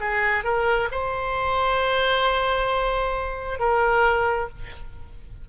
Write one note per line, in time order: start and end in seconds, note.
0.00 0.44 G#4
0.44 0.89 A#4
0.91 3.59 C5
3.59 4.49 A#4